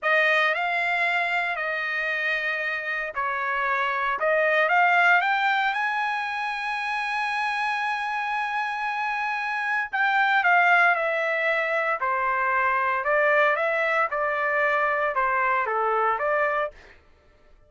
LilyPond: \new Staff \with { instrumentName = "trumpet" } { \time 4/4 \tempo 4 = 115 dis''4 f''2 dis''4~ | dis''2 cis''2 | dis''4 f''4 g''4 gis''4~ | gis''1~ |
gis''2. g''4 | f''4 e''2 c''4~ | c''4 d''4 e''4 d''4~ | d''4 c''4 a'4 d''4 | }